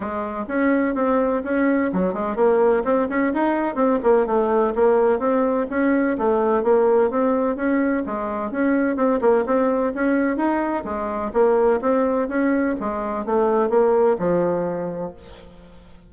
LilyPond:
\new Staff \with { instrumentName = "bassoon" } { \time 4/4 \tempo 4 = 127 gis4 cis'4 c'4 cis'4 | fis8 gis8 ais4 c'8 cis'8 dis'4 | c'8 ais8 a4 ais4 c'4 | cis'4 a4 ais4 c'4 |
cis'4 gis4 cis'4 c'8 ais8 | c'4 cis'4 dis'4 gis4 | ais4 c'4 cis'4 gis4 | a4 ais4 f2 | }